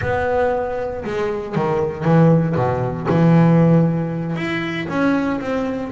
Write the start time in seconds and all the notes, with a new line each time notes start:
0.01 B3
1.04 G#3
1.55 D#3
2.04 E3
2.55 B2
3.09 E3
4.36 E4
4.89 C#4
5.40 C4